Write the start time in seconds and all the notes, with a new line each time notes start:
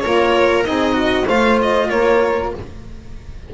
0.00 A#3 F4 A#4 C#5
0.63 C4 D#4 G#4 D#5
0.93 F#4
1.25 A3 F4 C5 F5
1.62 D#5
1.89 A#3 A#4 C#5